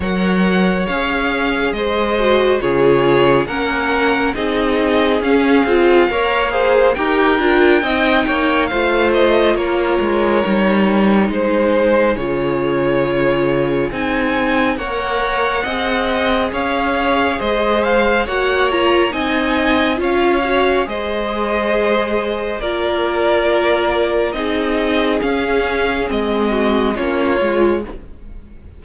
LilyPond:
<<
  \new Staff \with { instrumentName = "violin" } { \time 4/4 \tempo 4 = 69 fis''4 f''4 dis''4 cis''4 | fis''4 dis''4 f''2 | g''2 f''8 dis''8 cis''4~ | cis''4 c''4 cis''2 |
gis''4 fis''2 f''4 | dis''8 f''8 fis''8 ais''8 gis''4 f''4 | dis''2 d''2 | dis''4 f''4 dis''4 cis''4 | }
  \new Staff \with { instrumentName = "violin" } { \time 4/4 cis''2 c''4 gis'4 | ais'4 gis'2 cis''8 c''8 | ais'4 dis''8 cis''8 c''4 ais'4~ | ais'4 gis'2.~ |
gis'4 cis''4 dis''4 cis''4 | c''4 cis''4 dis''4 cis''4 | c''2 ais'2 | gis'2~ gis'8 fis'8 f'4 | }
  \new Staff \with { instrumentName = "viola" } { \time 4/4 ais'4 gis'4. fis'8 f'4 | cis'4 dis'4 cis'8 f'8 ais'8 gis'8 | g'8 f'8 dis'4 f'2 | dis'2 f'2 |
dis'4 ais'4 gis'2~ | gis'4 fis'8 f'8 dis'4 f'8 fis'8 | gis'2 f'2 | dis'4 cis'4 c'4 cis'8 f'8 | }
  \new Staff \with { instrumentName = "cello" } { \time 4/4 fis4 cis'4 gis4 cis4 | ais4 c'4 cis'8 c'8 ais4 | dis'8 d'8 c'8 ais8 a4 ais8 gis8 | g4 gis4 cis2 |
c'4 ais4 c'4 cis'4 | gis4 ais4 c'4 cis'4 | gis2 ais2 | c'4 cis'4 gis4 ais8 gis8 | }
>>